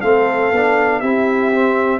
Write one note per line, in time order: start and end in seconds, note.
0.00 0.51 A3
0.00 0.53 C4
0.00 1.00 A4
0.00 1.00 F5
0.51 1.01 B3
0.51 1.02 D4
1.00 2.00 C4
1.00 1.52 E4
1.00 2.00 G4
1.00 2.00 E5
1.53 2.00 C4